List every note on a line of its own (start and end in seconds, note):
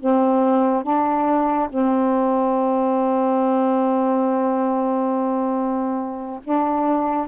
0.00 0.83 C4
0.83 1.69 D4
1.69 6.41 C4
6.44 7.28 D4